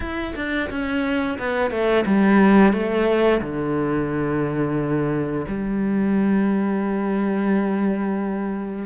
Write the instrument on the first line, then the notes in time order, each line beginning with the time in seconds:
cello
0.00 E4
0.35 D4
0.70 C#4
1.38 B3
1.70 A3
2.05 G3
2.72 A3
3.41 D3
5.47 G3